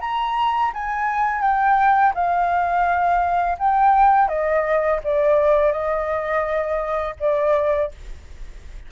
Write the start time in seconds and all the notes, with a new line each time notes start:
0.00 A#5
0.73 G#5
1.41 G5
2.14 F5
3.58 G5
4.28 D#5
5.03 D5
5.72 D#5
7.19 D5